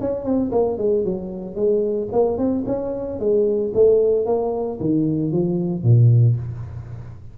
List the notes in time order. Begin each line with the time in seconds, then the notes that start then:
0.00 C#4
0.24 C4
0.51 A#3
0.78 G#3
1.04 F#3
1.55 G#3
2.12 A#3
2.37 C4
2.66 C#4
3.19 G#3
3.74 A3
4.26 A#3
4.80 D#3
5.32 F3
5.83 A#2